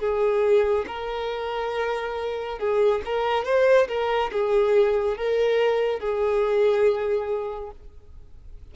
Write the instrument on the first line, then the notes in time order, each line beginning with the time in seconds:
violin
0.00 G#4
0.87 A#4
2.59 G#4
3.05 A#4
3.45 C5
3.88 A#4
4.32 G#4
5.17 A#4
6.00 G#4